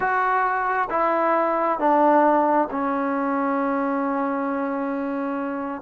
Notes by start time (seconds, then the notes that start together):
0.00 F#4
0.90 E4
1.79 D4
2.70 C#4